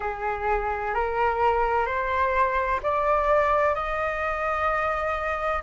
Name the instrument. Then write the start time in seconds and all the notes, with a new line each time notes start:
flute
0.00 G#4
0.94 A#4
1.86 C5
2.83 D5
3.75 D#5